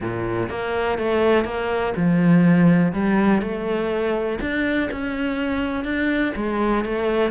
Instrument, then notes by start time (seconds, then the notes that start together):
cello
0.00 A#2
0.49 A#3
0.98 A3
1.44 A#3
1.96 F3
2.92 G3
3.41 A3
4.40 D4
4.91 C#4
5.84 D4
6.36 G#3
6.84 A3